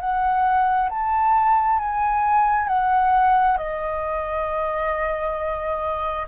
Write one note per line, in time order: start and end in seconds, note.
0.00 0.90 F#5
0.90 1.80 A5
1.80 2.68 G#5
2.68 3.57 F#5
3.58 6.26 D#5